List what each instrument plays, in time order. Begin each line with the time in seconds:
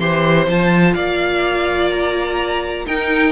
0.00 cello E3, viola G4, violin C5 C6
0.48 cello F3, viola F4, violin A5
0.94 cello A#3, violin D5 F5
1.90 violin A#5
2.86 viola D#4, cello D#4, violin A#4 G5